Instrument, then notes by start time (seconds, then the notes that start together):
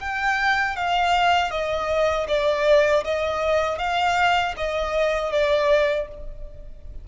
violin
0.00 G5
0.76 F5
1.51 D#5
2.28 D5
3.04 D#5
3.79 F5
4.57 D#5
5.32 D5